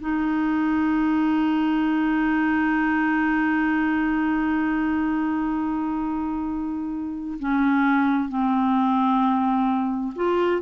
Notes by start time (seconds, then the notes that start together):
0.00 D#4
7.39 C#4
8.29 C4
10.15 F4